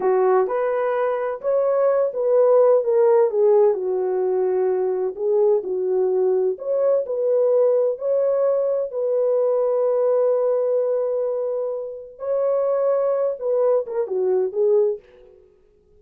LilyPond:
\new Staff \with { instrumentName = "horn" } { \time 4/4 \tempo 4 = 128 fis'4 b'2 cis''4~ | cis''8 b'4. ais'4 gis'4 | fis'2. gis'4 | fis'2 cis''4 b'4~ |
b'4 cis''2 b'4~ | b'1~ | b'2 cis''2~ | cis''8 b'4 ais'8 fis'4 gis'4 | }